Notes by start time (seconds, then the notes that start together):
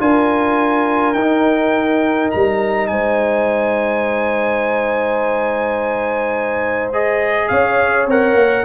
0.00 D4 F4 A#4 G#5
1.14 D#4 G5
2.31 G3 A#5
2.88 G#3 C5 G#5
6.93 G#4 D#5
7.49 C#4 C#5 F5
8.07 C4 A#4 F#5
8.34 A#3